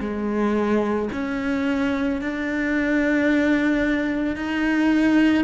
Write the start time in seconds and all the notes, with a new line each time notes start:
0.00 G#3
1.12 C#4
2.21 D4
4.36 D#4